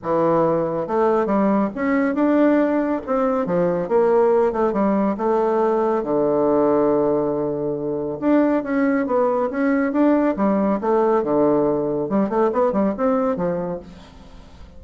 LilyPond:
\new Staff \with { instrumentName = "bassoon" } { \time 4/4 \tempo 4 = 139 e2 a4 g4 | cis'4 d'2 c'4 | f4 ais4. a8 g4 | a2 d2~ |
d2. d'4 | cis'4 b4 cis'4 d'4 | g4 a4 d2 | g8 a8 b8 g8 c'4 f4 | }